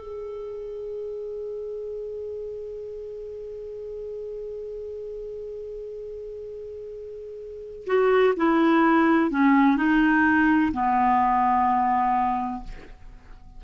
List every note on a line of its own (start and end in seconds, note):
0.00 7.86 G#4
7.86 8.34 F#4
8.37 9.31 E4
9.31 9.77 C#4
9.77 10.72 D#4
10.73 12.63 B3